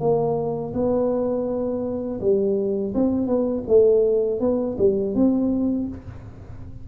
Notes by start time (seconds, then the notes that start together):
0.00 A#3
0.74 B3
2.21 G3
2.95 C4
3.27 B3
3.68 A3
4.40 B3
4.78 G3
5.15 C4